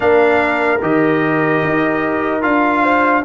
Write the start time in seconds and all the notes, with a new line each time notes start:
0.00 A#3 D4 A#4 F5
0.81 D#3 G4 D#5
1.64 D#4
2.41 D4 F4 F5
2.82 C5